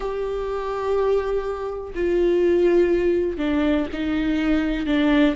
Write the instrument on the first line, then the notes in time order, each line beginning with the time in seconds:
viola
0.00 G4
1.94 F4
3.37 D4
3.92 D#4
4.86 D4